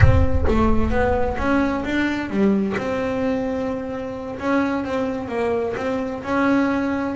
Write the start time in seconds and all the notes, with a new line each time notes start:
0.00 C4
0.47 A3
0.90 B3
1.38 C#4
1.84 D4
2.30 G3
2.77 C4
4.39 C#4
4.84 C4
5.28 A#3
5.77 C4
6.23 C#4